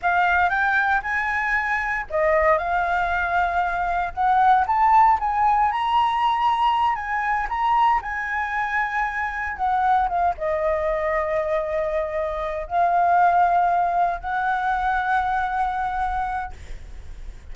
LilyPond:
\new Staff \with { instrumentName = "flute" } { \time 4/4 \tempo 4 = 116 f''4 g''4 gis''2 | dis''4 f''2. | fis''4 a''4 gis''4 ais''4~ | ais''4. gis''4 ais''4 gis''8~ |
gis''2~ gis''8 fis''4 f''8 | dis''1~ | dis''8 f''2. fis''8~ | fis''1 | }